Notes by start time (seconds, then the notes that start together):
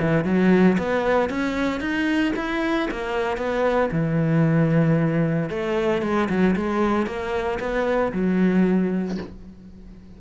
0.00 E3
0.24 F#3
0.78 B3
1.29 C#4
1.80 D#4
2.36 E4
2.91 A#3
3.37 B3
3.92 E3
5.50 A3
6.02 G#3
6.29 F#3
6.56 G#3
7.06 A#3
7.60 B3
8.12 F#3